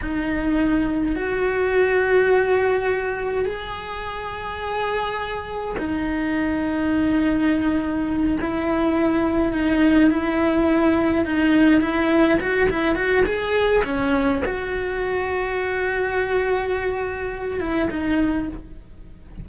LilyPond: \new Staff \with { instrumentName = "cello" } { \time 4/4 \tempo 4 = 104 dis'2 fis'2~ | fis'2 gis'2~ | gis'2 dis'2~ | dis'2~ dis'8 e'4.~ |
e'8 dis'4 e'2 dis'8~ | dis'8 e'4 fis'8 e'8 fis'8 gis'4 | cis'4 fis'2.~ | fis'2~ fis'8 e'8 dis'4 | }